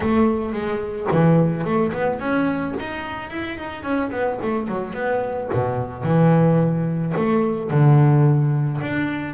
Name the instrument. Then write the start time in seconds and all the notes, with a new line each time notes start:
double bass
0.00 A3
0.52 G#3
1.11 E3
1.64 A3
1.92 B3
2.19 C#4
2.79 D#4
3.30 E4
3.58 D#4
3.83 C#4
4.11 B3
4.42 A3
4.67 F#3
4.93 B3
5.53 B2
6.03 E3
7.16 A3
7.70 D3
8.81 D4